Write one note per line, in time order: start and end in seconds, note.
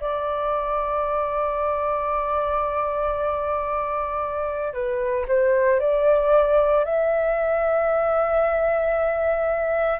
0.00 4.73 D5
4.73 5.26 B4
5.28 5.80 C5
5.80 6.85 D5
6.85 10.00 E5